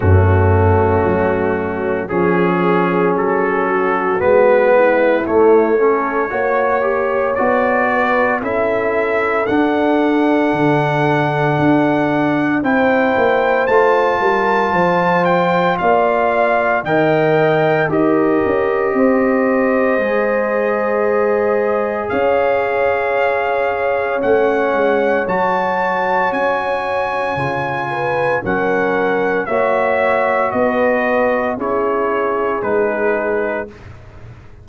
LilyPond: <<
  \new Staff \with { instrumentName = "trumpet" } { \time 4/4 \tempo 4 = 57 fis'2 gis'4 a'4 | b'4 cis''2 d''4 | e''4 fis''2. | g''4 a''4. g''8 f''4 |
g''4 dis''2.~ | dis''4 f''2 fis''4 | a''4 gis''2 fis''4 | e''4 dis''4 cis''4 b'4 | }
  \new Staff \with { instrumentName = "horn" } { \time 4/4 cis'2 gis'4. fis'8~ | fis'8 e'4 a'8 cis''4. b'8 | a'1 | c''4. ais'8 c''4 d''4 |
dis''4 ais'4 c''2~ | c''4 cis''2.~ | cis''2~ cis''8 b'8 ais'4 | cis''4 b'4 gis'2 | }
  \new Staff \with { instrumentName = "trombone" } { \time 4/4 a2 cis'2 | b4 a8 cis'8 fis'8 g'8 fis'4 | e'4 d'2. | e'4 f'2. |
ais'4 g'2 gis'4~ | gis'2. cis'4 | fis'2 f'4 cis'4 | fis'2 e'4 dis'4 | }
  \new Staff \with { instrumentName = "tuba" } { \time 4/4 fis,4 fis4 f4 fis4 | gis4 a4 ais4 b4 | cis'4 d'4 d4 d'4 | c'8 ais8 a8 g8 f4 ais4 |
dis4 dis'8 cis'8 c'4 gis4~ | gis4 cis'2 a8 gis8 | fis4 cis'4 cis4 fis4 | ais4 b4 cis'4 gis4 | }
>>